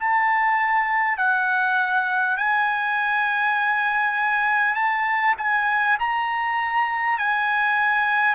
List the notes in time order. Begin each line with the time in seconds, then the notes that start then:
0.00 A5
1.17 F#5
2.37 G#5
4.75 A5
5.37 G#5
5.99 A#5
7.18 G#5